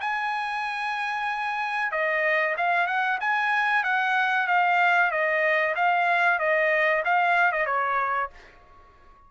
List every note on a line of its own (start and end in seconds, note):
0.00 1.91 G#5
1.91 2.55 D#5
2.57 2.87 F5
2.87 3.19 F#5
3.20 3.83 G#5
3.83 4.47 F#5
4.47 5.11 F5
5.11 5.74 D#5
5.75 6.39 F5
6.39 7.03 D#5
7.04 7.52 F5
7.52 7.66 D#5
7.66 8.29 C#5